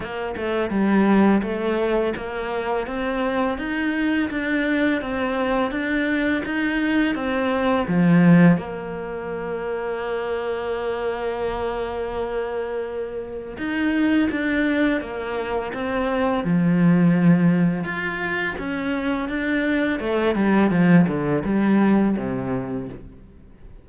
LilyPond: \new Staff \with { instrumentName = "cello" } { \time 4/4 \tempo 4 = 84 ais8 a8 g4 a4 ais4 | c'4 dis'4 d'4 c'4 | d'4 dis'4 c'4 f4 | ais1~ |
ais2. dis'4 | d'4 ais4 c'4 f4~ | f4 f'4 cis'4 d'4 | a8 g8 f8 d8 g4 c4 | }